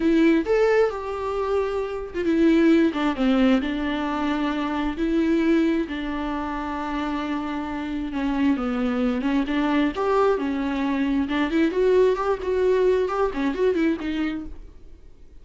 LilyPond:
\new Staff \with { instrumentName = "viola" } { \time 4/4 \tempo 4 = 133 e'4 a'4 g'2~ | g'8. f'16 e'4. d'8 c'4 | d'2. e'4~ | e'4 d'2.~ |
d'2 cis'4 b4~ | b8 cis'8 d'4 g'4 cis'4~ | cis'4 d'8 e'8 fis'4 g'8 fis'8~ | fis'4 g'8 cis'8 fis'8 e'8 dis'4 | }